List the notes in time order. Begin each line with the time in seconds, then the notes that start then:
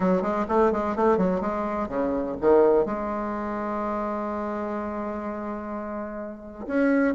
0.00 F#3
0.21 G#3
0.48 A3
0.72 G#3
0.96 A3
1.17 F#3
1.40 G#3
1.88 C#3
2.40 D#3
2.85 G#3
6.67 C#4